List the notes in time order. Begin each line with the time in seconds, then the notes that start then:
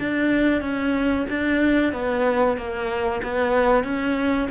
0.00 D4
0.62 C#4
1.30 D4
1.93 B3
2.57 A#3
3.23 B3
3.84 C#4